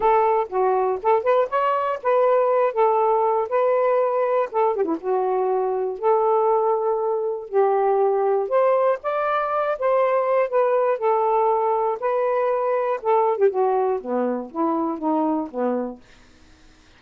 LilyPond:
\new Staff \with { instrumentName = "saxophone" } { \time 4/4 \tempo 4 = 120 a'4 fis'4 a'8 b'8 cis''4 | b'4. a'4. b'4~ | b'4 a'8 g'16 e'16 fis'2 | a'2. g'4~ |
g'4 c''4 d''4. c''8~ | c''4 b'4 a'2 | b'2 a'8. g'16 fis'4 | b4 e'4 dis'4 b4 | }